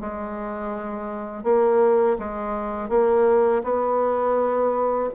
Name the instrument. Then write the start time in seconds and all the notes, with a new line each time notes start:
bassoon
0.00 G#3
1.43 A#3
2.19 G#3
2.89 A#3
3.63 B3